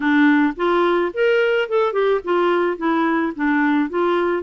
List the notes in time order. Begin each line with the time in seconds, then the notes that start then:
0.00 D4
0.56 F4
1.13 A#4
1.68 A4
1.92 G4
2.24 F4
2.77 E4
3.35 D4
3.89 F4